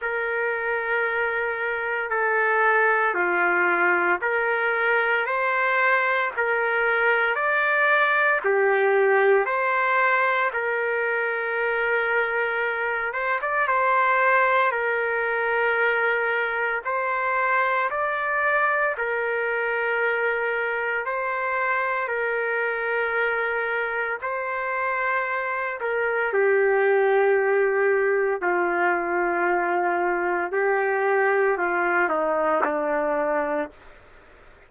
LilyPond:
\new Staff \with { instrumentName = "trumpet" } { \time 4/4 \tempo 4 = 57 ais'2 a'4 f'4 | ais'4 c''4 ais'4 d''4 | g'4 c''4 ais'2~ | ais'8 c''16 d''16 c''4 ais'2 |
c''4 d''4 ais'2 | c''4 ais'2 c''4~ | c''8 ais'8 g'2 f'4~ | f'4 g'4 f'8 dis'8 d'4 | }